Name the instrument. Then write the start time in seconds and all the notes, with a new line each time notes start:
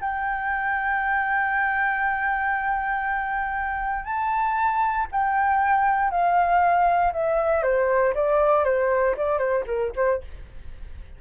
flute
0.00 G5
4.04 A5
5.11 G5
6.10 F5
7.12 E5
7.62 C5
8.14 D5
8.64 C5
9.16 D5
9.38 C5
9.66 A#4
9.95 C5